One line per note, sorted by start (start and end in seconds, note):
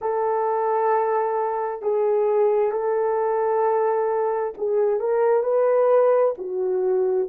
0.01 1.81 A4
1.81 2.71 G#4
2.71 4.53 A4
4.57 5.00 G#4
5.00 5.43 A#4
5.43 6.34 B4
6.38 7.29 F#4